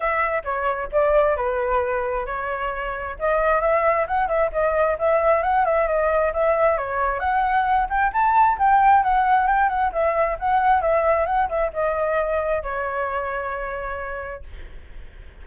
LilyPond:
\new Staff \with { instrumentName = "flute" } { \time 4/4 \tempo 4 = 133 e''4 cis''4 d''4 b'4~ | b'4 cis''2 dis''4 | e''4 fis''8 e''8 dis''4 e''4 | fis''8 e''8 dis''4 e''4 cis''4 |
fis''4. g''8 a''4 g''4 | fis''4 g''8 fis''8 e''4 fis''4 | e''4 fis''8 e''8 dis''2 | cis''1 | }